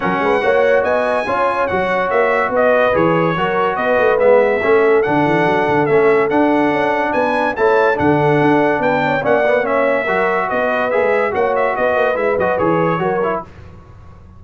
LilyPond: <<
  \new Staff \with { instrumentName = "trumpet" } { \time 4/4 \tempo 4 = 143 fis''2 gis''2 | fis''4 e''4 dis''4 cis''4~ | cis''4 dis''4 e''2 | fis''2 e''4 fis''4~ |
fis''4 gis''4 a''4 fis''4~ | fis''4 g''4 fis''4 e''4~ | e''4 dis''4 e''4 fis''8 e''8 | dis''4 e''8 dis''8 cis''2 | }
  \new Staff \with { instrumentName = "horn" } { \time 4/4 ais'8 b'8 cis''4 dis''4 cis''4~ | cis''2 b'2 | ais'4 b'2 a'4~ | a'1~ |
a'4 b'4 cis''4 a'4~ | a'4 b'8 cis''8 d''4 cis''4 | ais'4 b'2 cis''4 | b'2. ais'4 | }
  \new Staff \with { instrumentName = "trombone" } { \time 4/4 cis'4 fis'2 f'4 | fis'2. gis'4 | fis'2 b4 cis'4 | d'2 cis'4 d'4~ |
d'2 e'4 d'4~ | d'2 cis'8 b8 cis'4 | fis'2 gis'4 fis'4~ | fis'4 e'8 fis'8 gis'4 fis'8 e'8 | }
  \new Staff \with { instrumentName = "tuba" } { \time 4/4 fis8 gis8 ais4 b4 cis'4 | fis4 ais4 b4 e4 | fis4 b8 a8 gis4 a4 | d8 e8 fis8 d8 a4 d'4 |
cis'4 b4 a4 d4 | d'4 b4 ais2 | fis4 b4 ais16 gis8. ais4 | b8 ais8 gis8 fis8 e4 fis4 | }
>>